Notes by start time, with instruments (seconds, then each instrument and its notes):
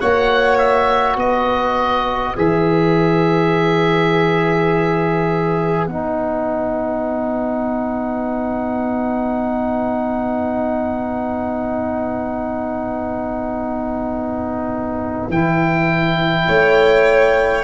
0.00 tuba A#3, trombone F#4, violin C#5, oboe F#5
0.58 oboe E5
1.16 tuba B3, violin B4, oboe D#5
2.36 tuba E3, trombone G#4, oboe E5
5.87 tuba B3, trombone D#4, oboe F#5
15.29 tuba E3, trombone E4, oboe G5
16.48 tuba A3, violin C#5